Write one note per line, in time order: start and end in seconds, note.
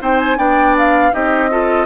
0.00 0.38 C4
0.00 0.38 D#4
0.00 0.38 C5
0.00 0.20 G5
0.20 0.39 G#5
0.38 1.13 B3
0.38 1.12 D4
0.38 1.13 D5
0.38 0.76 G5
0.78 1.14 F5
1.12 1.87 C4
1.12 1.50 D#4
1.12 1.51 G4
1.12 1.87 D#5
1.51 1.87 F4
1.51 1.87 A4